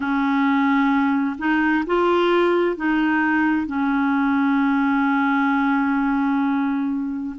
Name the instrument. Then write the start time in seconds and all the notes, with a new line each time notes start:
clarinet
0.00 C#4
1.38 D#4
1.86 F4
2.76 D#4
3.66 C#4